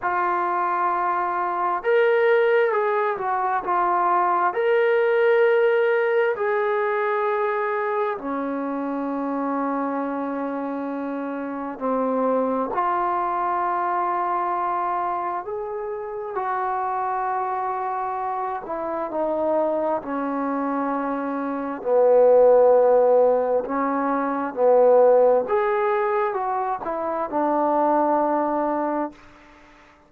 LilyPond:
\new Staff \with { instrumentName = "trombone" } { \time 4/4 \tempo 4 = 66 f'2 ais'4 gis'8 fis'8 | f'4 ais'2 gis'4~ | gis'4 cis'2.~ | cis'4 c'4 f'2~ |
f'4 gis'4 fis'2~ | fis'8 e'8 dis'4 cis'2 | b2 cis'4 b4 | gis'4 fis'8 e'8 d'2 | }